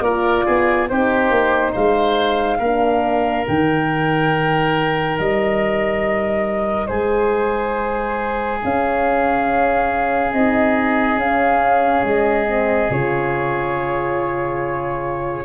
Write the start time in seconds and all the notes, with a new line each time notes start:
0.00 A#3 F4 A#4 D5
0.46 B3 G#4
0.89 C4 D#4 G4 C5
1.31 A#3
1.72 G#3 C5 F5
2.59 A#3 D4 A#4
3.47 D#3 D#4 G5
5.19 G3 D#5
6.87 G#3 G#4 C5
8.62 C#4 F5
10.33 C4 D#4 D#5
11.16 C#4 F5
12.03 G#3 D#5
12.47 C4
12.90 C#3 F4 C#5